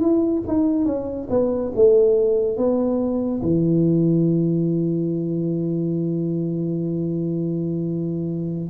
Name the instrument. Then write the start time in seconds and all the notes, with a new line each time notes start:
tuba
0.00 E4
0.47 D#4
0.85 C#4
1.29 B3
1.75 A3
2.57 B3
3.42 E3